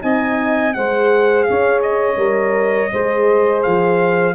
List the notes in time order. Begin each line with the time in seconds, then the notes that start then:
0.00 C4 D#4 D#5 G#5
0.74 G#3 G#4 C5 F#5
1.44 C#5 F5
1.50 C#4
1.83 D#5
2.17 G3 A#4
2.92 G#3 G#4 C5
3.63 F3 F5